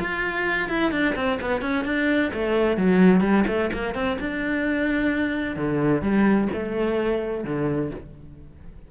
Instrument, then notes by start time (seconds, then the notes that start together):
cello
0.00 F4
0.69 E4
0.92 D4
1.16 C4
1.41 B3
1.62 C#4
1.85 D4
2.34 A3
2.77 F#3
3.21 G3
3.48 A3
3.73 A#3
3.95 C4
4.20 D4
5.56 D3
6.02 G3
6.53 A3
7.44 D3